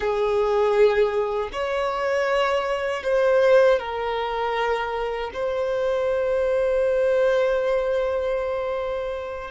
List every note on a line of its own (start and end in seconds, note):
0.00 1.49 G#4
1.52 3.03 C#5
3.03 3.79 C5
3.79 5.31 A#4
5.33 9.50 C5